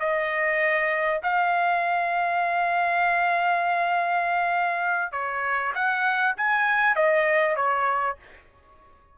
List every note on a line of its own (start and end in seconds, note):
0.00 1.21 D#5
1.23 5.12 F5
5.12 5.73 C#5
5.75 6.36 F#5
6.37 6.96 G#5
6.96 7.56 D#5
7.56 8.17 C#5